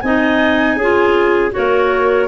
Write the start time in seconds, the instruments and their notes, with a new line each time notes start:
0.00 tuba C4, clarinet D#4 D#5, flute G#5
0.76 tuba C#4, clarinet F4 G#4
1.51 clarinet F#4 A#4, flute C#5
1.57 tuba A#3